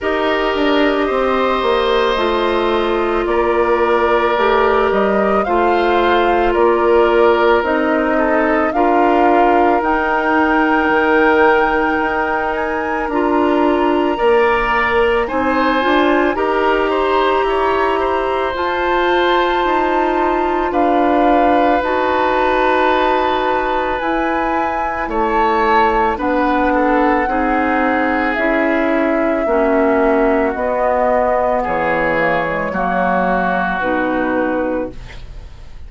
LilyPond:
<<
  \new Staff \with { instrumentName = "flute" } { \time 4/4 \tempo 4 = 55 dis''2. d''4~ | d''8 dis''8 f''4 d''4 dis''4 | f''4 g''2~ g''8 gis''8 | ais''2 gis''4 ais''4~ |
ais''4 a''2 f''4 | a''2 gis''4 a''4 | fis''2 e''2 | dis''4 cis''2 b'4 | }
  \new Staff \with { instrumentName = "oboe" } { \time 4/4 ais'4 c''2 ais'4~ | ais'4 c''4 ais'4. a'8 | ais'1~ | ais'4 d''4 c''4 ais'8 c''8 |
cis''8 c''2~ c''8 b'4~ | b'2. cis''4 | b'8 a'8 gis'2 fis'4~ | fis'4 gis'4 fis'2 | }
  \new Staff \with { instrumentName = "clarinet" } { \time 4/4 g'2 f'2 | g'4 f'2 dis'4 | f'4 dis'2. | f'4 ais'4 dis'8 f'8 g'4~ |
g'4 f'2. | fis'2 e'2 | d'4 dis'4 e'4 cis'4 | b4. ais16 gis16 ais4 dis'4 | }
  \new Staff \with { instrumentName = "bassoon" } { \time 4/4 dis'8 d'8 c'8 ais8 a4 ais4 | a8 g8 a4 ais4 c'4 | d'4 dis'4 dis4 dis'4 | d'4 ais4 c'8 d'8 dis'4 |
e'4 f'4 dis'4 d'4 | dis'2 e'4 a4 | b4 c'4 cis'4 ais4 | b4 e4 fis4 b,4 | }
>>